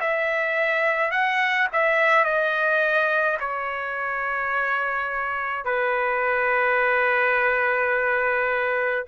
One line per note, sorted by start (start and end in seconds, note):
0.00 1.11 E5
1.11 1.67 F#5
1.72 2.24 E5
2.24 3.38 D#5
3.40 5.64 C#5
5.64 9.04 B4